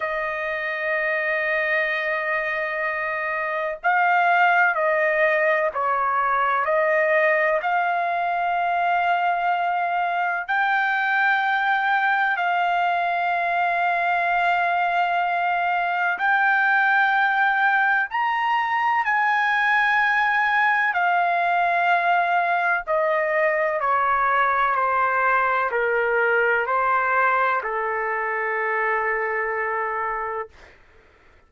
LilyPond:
\new Staff \with { instrumentName = "trumpet" } { \time 4/4 \tempo 4 = 63 dis''1 | f''4 dis''4 cis''4 dis''4 | f''2. g''4~ | g''4 f''2.~ |
f''4 g''2 ais''4 | gis''2 f''2 | dis''4 cis''4 c''4 ais'4 | c''4 a'2. | }